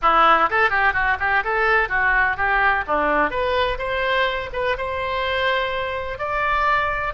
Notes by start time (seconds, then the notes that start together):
0.02 E4
0.49 A4
0.70 G4
0.93 F#4
1.19 G4
1.44 A4
1.89 F#4
2.36 G4
2.87 D4
3.30 B4
3.78 C5
4.52 B4
4.77 C5
6.18 D5